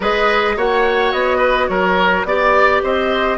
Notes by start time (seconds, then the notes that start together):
0.00 G#3 G#4 B4 D#5
0.56 A#3 F#4 C#5 F#5
1.11 B3 D#5
1.37 B4
1.67 F#3 A#4 C#5
2.24 B3 G4 D5
2.82 C4 C5 D#5